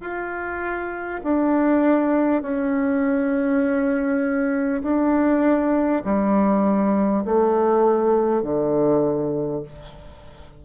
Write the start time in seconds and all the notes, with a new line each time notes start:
0.00 F4
1.23 D4
2.42 C#4
4.82 D4
6.04 G3
7.24 A3
8.42 D3